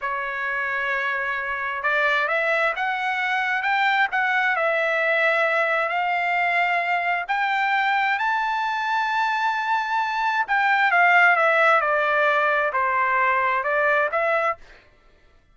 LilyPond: \new Staff \with { instrumentName = "trumpet" } { \time 4/4 \tempo 4 = 132 cis''1 | d''4 e''4 fis''2 | g''4 fis''4 e''2~ | e''4 f''2. |
g''2 a''2~ | a''2. g''4 | f''4 e''4 d''2 | c''2 d''4 e''4 | }